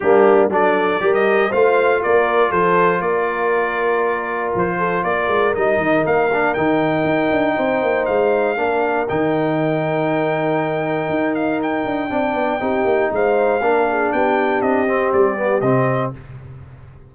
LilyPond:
<<
  \new Staff \with { instrumentName = "trumpet" } { \time 4/4 \tempo 4 = 119 g'4 d''4~ d''16 dis''8. f''4 | d''4 c''4 d''2~ | d''4 c''4 d''4 dis''4 | f''4 g''2. |
f''2 g''2~ | g''2~ g''8 f''8 g''4~ | g''2 f''2 | g''4 dis''4 d''4 dis''4 | }
  \new Staff \with { instrumentName = "horn" } { \time 4/4 d'4 a'4 ais'4 c''4 | ais'4 a'4 ais'2~ | ais'4. a'8 ais'2~ | ais'2. c''4~ |
c''4 ais'2.~ | ais'1 | d''4 g'4 c''4 ais'8 gis'8 | g'1 | }
  \new Staff \with { instrumentName = "trombone" } { \time 4/4 ais4 d'4 g'4 f'4~ | f'1~ | f'2. dis'4~ | dis'8 d'8 dis'2.~ |
dis'4 d'4 dis'2~ | dis'1 | d'4 dis'2 d'4~ | d'4. c'4 b8 c'4 | }
  \new Staff \with { instrumentName = "tuba" } { \time 4/4 g4 fis4 g4 a4 | ais4 f4 ais2~ | ais4 f4 ais8 gis8 g8 dis8 | ais4 dis4 dis'8 d'8 c'8 ais8 |
gis4 ais4 dis2~ | dis2 dis'4. d'8 | c'8 b8 c'8 ais8 gis4 ais4 | b4 c'4 g4 c4 | }
>>